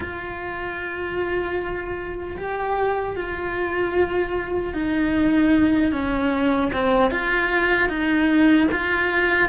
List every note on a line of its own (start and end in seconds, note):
0.00 2.36 F4
2.37 3.16 G4
3.16 4.73 F4
4.73 5.91 D#4
5.92 6.71 C#4
6.72 7.11 C4
7.11 7.88 F4
7.88 8.67 D#4
8.71 9.48 F4